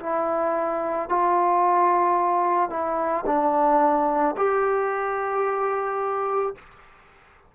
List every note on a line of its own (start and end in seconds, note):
0.00 1.09 E4
1.09 2.70 F4
2.70 3.25 E4
3.26 4.35 D4
4.37 6.55 G4